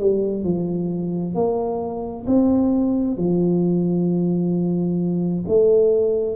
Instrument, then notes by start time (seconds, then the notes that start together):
tuba
0.00 G3
0.44 F3
1.35 A#3
2.27 C4
3.18 F3
5.48 A3